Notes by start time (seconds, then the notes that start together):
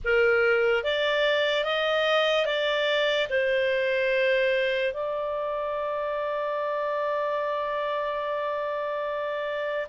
0.04 A#4
0.83 D5
1.64 D#5
2.45 D5
3.29 C5
4.93 D5